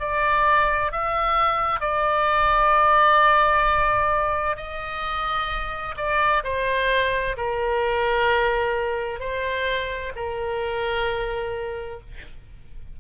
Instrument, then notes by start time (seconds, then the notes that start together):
oboe
0.00 D5
0.92 E5
1.80 D5
4.57 D#5
5.97 D5
6.44 C5
7.37 A#4
9.20 C5
10.16 A#4